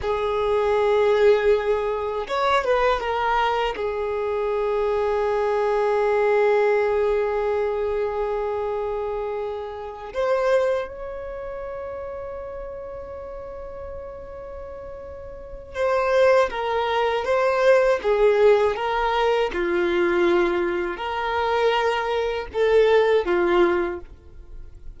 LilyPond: \new Staff \with { instrumentName = "violin" } { \time 4/4 \tempo 4 = 80 gis'2. cis''8 b'8 | ais'4 gis'2.~ | gis'1~ | gis'4. c''4 cis''4.~ |
cis''1~ | cis''4 c''4 ais'4 c''4 | gis'4 ais'4 f'2 | ais'2 a'4 f'4 | }